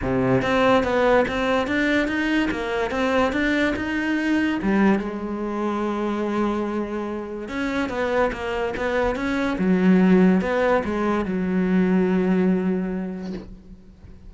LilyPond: \new Staff \with { instrumentName = "cello" } { \time 4/4 \tempo 4 = 144 c4 c'4 b4 c'4 | d'4 dis'4 ais4 c'4 | d'4 dis'2 g4 | gis1~ |
gis2 cis'4 b4 | ais4 b4 cis'4 fis4~ | fis4 b4 gis4 fis4~ | fis1 | }